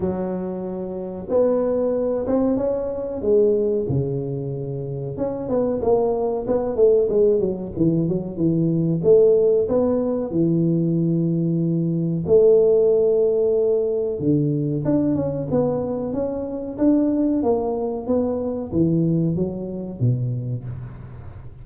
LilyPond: \new Staff \with { instrumentName = "tuba" } { \time 4/4 \tempo 4 = 93 fis2 b4. c'8 | cis'4 gis4 cis2 | cis'8 b8 ais4 b8 a8 gis8 fis8 | e8 fis8 e4 a4 b4 |
e2. a4~ | a2 d4 d'8 cis'8 | b4 cis'4 d'4 ais4 | b4 e4 fis4 b,4 | }